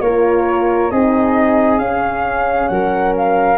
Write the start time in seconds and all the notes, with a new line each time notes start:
0.00 A#3 F4 A#4 C#5
0.90 C4 D#4 G#4 D#5
1.78 C#4 F5
2.68 F#3 A#4 F#5
3.17 F5